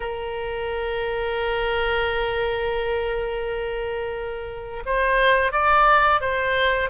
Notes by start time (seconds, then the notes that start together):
0.00 A#4
4.85 C5
5.52 D5
6.21 C5